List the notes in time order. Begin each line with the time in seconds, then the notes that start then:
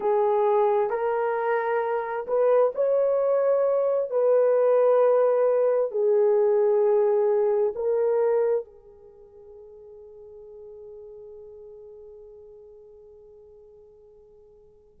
0.00 G#4
0.90 A#4
2.27 B4
2.74 C#5
4.10 B4
5.91 G#4
7.75 A#4
8.64 G#4